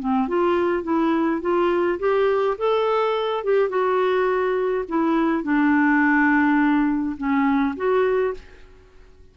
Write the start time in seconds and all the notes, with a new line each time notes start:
0.00 C4
0.29 F4
0.84 E4
1.42 F4
2.00 G4
2.59 A4
3.45 G4
3.69 F#4
4.89 E4
5.44 D4
7.18 C#4
7.77 F#4